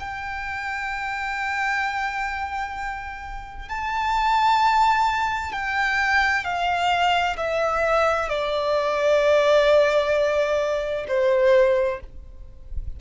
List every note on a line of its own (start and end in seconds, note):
0.00 3.69 G5
3.69 5.53 A5
5.53 6.45 G5
6.45 7.37 F5
7.37 8.29 E5
8.29 11.06 D5
11.09 12.01 C5